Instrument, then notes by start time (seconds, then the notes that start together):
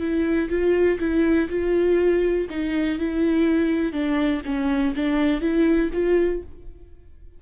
viola
0.00 E4
0.50 F4
1.00 E4
1.50 F4
2.50 D#4
2.99 E4
3.93 D4
4.46 C#4
4.95 D4
5.41 E4
5.93 F4